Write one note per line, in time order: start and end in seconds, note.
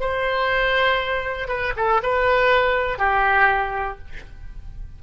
0.00 1.48 C5
1.48 1.73 B4
1.76 2.01 A4
2.03 2.99 B4
2.99 3.99 G4